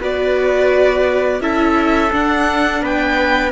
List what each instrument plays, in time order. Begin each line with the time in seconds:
0.00 cello B3, viola F#4, trumpet B4, violin D5
1.40 cello C#4, viola E4, trumpet A4, violin E5
2.12 viola D4, cello D4, violin F#5
2.82 cello B3, trumpet B4, violin G5